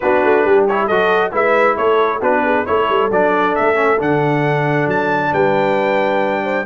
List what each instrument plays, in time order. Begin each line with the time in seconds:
0.00 tuba B3, trombone D4, horn F#4, trumpet B4
0.24 tuba A3
0.44 tuba G3, horn G4
0.67 trombone E4, trumpet C#5
0.86 tuba F#3, trombone F#4, horn A4, trumpet D#5
1.31 tuba G#3, trombone E4, horn B4, trumpet E5
1.76 tuba A3, horn A4, trumpet C#5
2.19 tuba B3, trombone D4, horn F#4, trumpet B4
2.44 horn G#4
2.65 tuba A3, trombone E4, horn A4, trumpet C#5
2.89 tuba G3
3.10 tuba F#3, trombone D4, trumpet D5
3.55 tuba A3, trumpet E5
3.74 trombone C#4
3.99 tuba D3, trombone D4, trumpet F#5
4.87 tuba F#3, trumpet A5
5.31 tuba G3, horn B4, trumpet G5
6.43 horn C5